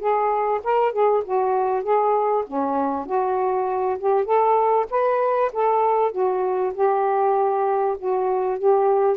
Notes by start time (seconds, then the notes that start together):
0.00 G#4
0.64 A#4
0.93 G#4
1.25 F#4
1.83 G#4
2.47 C#4
3.06 F#4
3.99 G4
4.25 A4
4.91 B4
5.53 A4
6.12 F#4
6.75 G4
7.99 F#4
8.59 G4